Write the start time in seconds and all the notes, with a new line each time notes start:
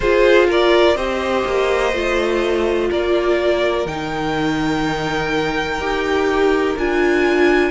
0.00 F4 G#4 C5
0.48 A#4 D5
0.95 C4 G4 C5 D#5
1.45 A#3
1.93 A3 F4
2.89 A#3 A#4 D5
3.85 D#3 D#4 G5
5.78 D#4 G4
6.78 D4 F4 G#5